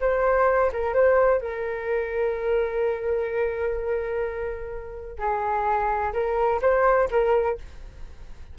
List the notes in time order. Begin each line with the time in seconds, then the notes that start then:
0.00 C5
0.72 A#4
0.93 C5
1.41 A#4
5.18 G#4
6.13 A#4
6.61 C5
7.10 A#4